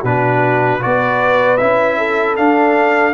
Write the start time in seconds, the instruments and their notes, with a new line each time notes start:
0.00 tuba B2, trombone D4, horn F#4, trumpet B4
0.80 tuba B3, trombone F#4, horn B4, trumpet D5
1.57 tuba C#4, trombone E4, trumpet E5
1.97 horn A4
2.36 trombone D4, tuba D4, trumpet F5